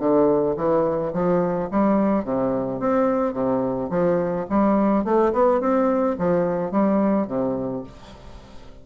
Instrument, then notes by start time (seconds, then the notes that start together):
bassoon
0.00 D3
0.57 E3
1.14 F3
1.71 G3
2.25 C3
2.80 C4
3.34 C3
3.90 F3
4.50 G3
5.05 A3
5.33 B3
5.61 C4
6.19 F3
6.72 G3
7.28 C3